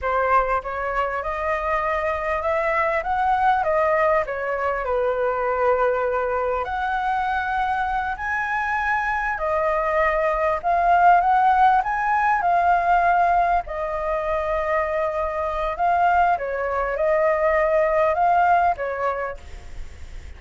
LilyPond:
\new Staff \with { instrumentName = "flute" } { \time 4/4 \tempo 4 = 99 c''4 cis''4 dis''2 | e''4 fis''4 dis''4 cis''4 | b'2. fis''4~ | fis''4. gis''2 dis''8~ |
dis''4. f''4 fis''4 gis''8~ | gis''8 f''2 dis''4.~ | dis''2 f''4 cis''4 | dis''2 f''4 cis''4 | }